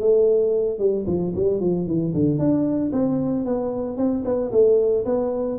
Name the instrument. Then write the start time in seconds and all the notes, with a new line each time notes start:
tuba
0.00 A3
0.78 G3
1.06 F3
1.35 G3
1.60 F3
1.86 E3
2.14 D3
2.38 D4
2.92 C4
3.45 B3
3.97 C4
4.25 B3
4.51 A3
5.05 B3